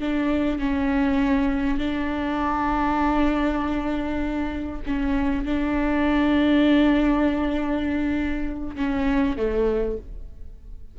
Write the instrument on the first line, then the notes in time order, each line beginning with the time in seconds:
viola
0.00 D4
0.60 C#4
1.79 D4
4.87 C#4
5.45 D4
8.76 C#4
9.37 A3